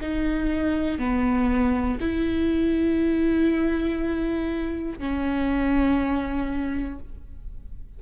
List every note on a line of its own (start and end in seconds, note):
0.00 0.98 D#4
0.98 1.98 B3
2.00 4.98 E4
4.98 6.98 C#4